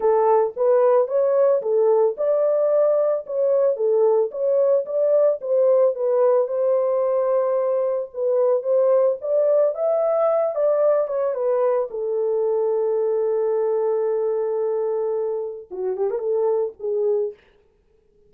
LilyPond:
\new Staff \with { instrumentName = "horn" } { \time 4/4 \tempo 4 = 111 a'4 b'4 cis''4 a'4 | d''2 cis''4 a'4 | cis''4 d''4 c''4 b'4 | c''2. b'4 |
c''4 d''4 e''4. d''8~ | d''8 cis''8 b'4 a'2~ | a'1~ | a'4 fis'8 g'16 ais'16 a'4 gis'4 | }